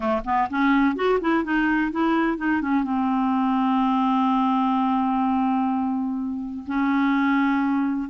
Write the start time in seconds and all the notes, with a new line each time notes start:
0.00 A3
0.24 B3
0.50 C#4
0.95 F#4
1.20 E4
1.44 D#4
1.91 E4
2.37 D#4
2.61 C#4
2.83 C4
6.66 C#4